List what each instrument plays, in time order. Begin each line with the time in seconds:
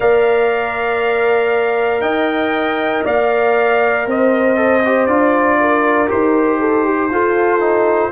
0.00 tuba A#3, trombone A#4, horn D5, trumpet F5
2.00 tuba D#4, horn D#5, trumpet G5
3.04 tuba A#3, horn D5, trumpet F5
4.06 tuba C4, horn C5, trumpet D#5
4.56 trombone A4
4.85 trombone G4
5.06 tuba D4, trombone F4, trumpet D5
5.60 horn A#4
6.07 tuba D#4, trombone G4, trumpet C5
6.59 horn A4
6.85 horn G4
7.10 tuba F4, trombone F4, horn A4
7.60 trombone D#4